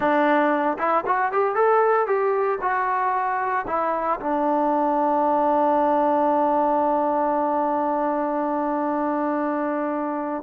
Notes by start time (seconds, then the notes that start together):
0.00 D4
0.78 E4
1.06 F#4
1.32 G4
1.55 A4
2.06 G4
2.61 F#4
3.67 E4
4.20 D4